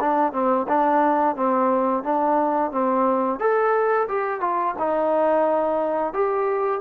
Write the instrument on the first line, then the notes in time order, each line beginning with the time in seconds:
trombone
0.00 D4
0.32 C4
0.68 D4
1.35 C4
2.03 D4
2.71 C4
3.39 A4
4.08 G4
4.40 F4
4.78 D#4
6.13 G4